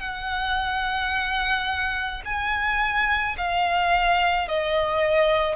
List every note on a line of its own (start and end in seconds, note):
0.00 2.22 F#5
2.25 3.36 G#5
3.38 4.48 F5
4.48 5.56 D#5